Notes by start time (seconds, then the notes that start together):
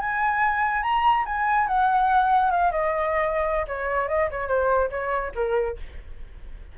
0.00 G#5
0.82 A#5
1.25 G#5
1.67 F#5
2.51 F5
2.71 D#5
3.67 C#5
4.08 D#5
4.30 C#5
4.48 C5
4.90 C#5
5.35 A#4